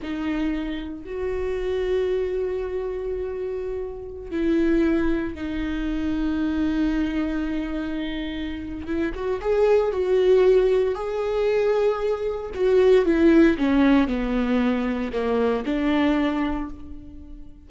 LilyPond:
\new Staff \with { instrumentName = "viola" } { \time 4/4 \tempo 4 = 115 dis'2 fis'2~ | fis'1~ | fis'16 e'2 dis'4.~ dis'16~ | dis'1~ |
dis'4 e'8 fis'8 gis'4 fis'4~ | fis'4 gis'2. | fis'4 e'4 cis'4 b4~ | b4 ais4 d'2 | }